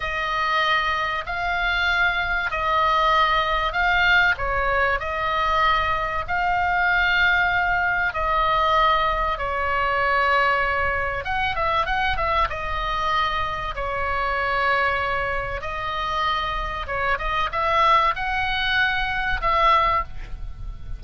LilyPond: \new Staff \with { instrumentName = "oboe" } { \time 4/4 \tempo 4 = 96 dis''2 f''2 | dis''2 f''4 cis''4 | dis''2 f''2~ | f''4 dis''2 cis''4~ |
cis''2 fis''8 e''8 fis''8 e''8 | dis''2 cis''2~ | cis''4 dis''2 cis''8 dis''8 | e''4 fis''2 e''4 | }